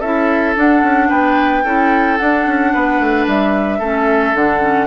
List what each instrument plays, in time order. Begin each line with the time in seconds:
0.00 bassoon C#4, clarinet E4, oboe A4, flute E5
0.56 clarinet D4, bassoon D4, flute F#5
0.82 bassoon C#4
1.09 bassoon B3, oboe B4, flute G5
1.64 bassoon C#4, clarinet E4, oboe A4
2.17 clarinet D4, bassoon D4, flute F#5
2.46 bassoon C#4
2.73 bassoon B3, oboe B4
2.99 bassoon A3
3.27 bassoon G3, flute E5
3.79 bassoon A3, clarinet C#4, oboe A4
4.34 bassoon D3, clarinet D4, flute F#5
4.61 clarinet C#4